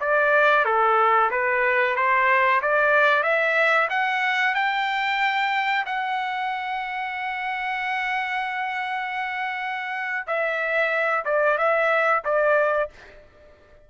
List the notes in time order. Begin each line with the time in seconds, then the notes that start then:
0.00 D5
0.65 A4
1.30 B4
1.96 C5
2.61 D5
3.23 E5
3.90 F#5
4.54 G5
5.85 F#5
10.27 E5
11.25 D5
11.58 E5
12.24 D5